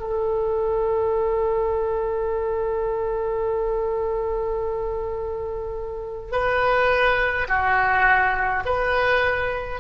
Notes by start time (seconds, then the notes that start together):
0.00 A4
6.32 B4
7.48 F#4
8.65 B4